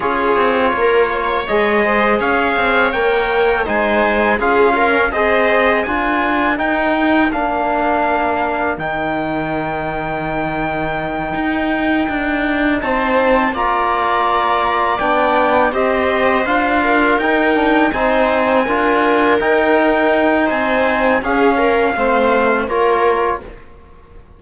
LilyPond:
<<
  \new Staff \with { instrumentName = "trumpet" } { \time 4/4 \tempo 4 = 82 cis''2 dis''4 f''4 | g''4 gis''4 f''4 dis''4 | gis''4 g''4 f''2 | g''1~ |
g''4. a''4 ais''4.~ | ais''8 g''4 dis''4 f''4 g''8~ | g''8 gis''2 g''4. | gis''4 f''2 cis''4 | }
  \new Staff \with { instrumentName = "viola" } { \time 4/4 gis'4 ais'8 cis''4 c''8 cis''4~ | cis''4 c''4 gis'8 ais'8 c''4 | ais'1~ | ais'1~ |
ais'4. c''4 d''4.~ | d''4. c''4. ais'4~ | ais'8 c''4 ais'2~ ais'8 | c''4 gis'8 ais'8 c''4 ais'4 | }
  \new Staff \with { instrumentName = "trombone" } { \time 4/4 f'2 gis'2 | ais'4 dis'4 f'8. cis'16 gis'4 | f'4 dis'4 d'2 | dis'1~ |
dis'2~ dis'8 f'4.~ | f'8 d'4 g'4 f'4 dis'8 | d'8 dis'4 f'4 dis'4.~ | dis'4 cis'4 c'4 f'4 | }
  \new Staff \with { instrumentName = "cello" } { \time 4/4 cis'8 c'8 ais4 gis4 cis'8 c'8 | ais4 gis4 cis'4 c'4 | d'4 dis'4 ais2 | dis2.~ dis8 dis'8~ |
dis'8 d'4 c'4 ais4.~ | ais8 b4 c'4 d'4 dis'8~ | dis'8 c'4 d'4 dis'4. | c'4 cis'4 a4 ais4 | }
>>